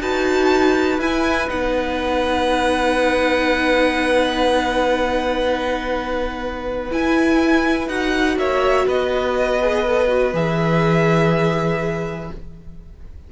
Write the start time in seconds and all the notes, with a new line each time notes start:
0.00 D#4 F#4 B4 A5
0.98 E4 G#5
1.46 B3 D#4 F#5
6.90 E4 G#5
7.87 D#4 F#4 F#5
8.37 A#3 C#5 E5
8.86 B3 B4 D#5
9.61 G#4
9.86 A4
10.07 F#4
10.33 E3 G#4 E5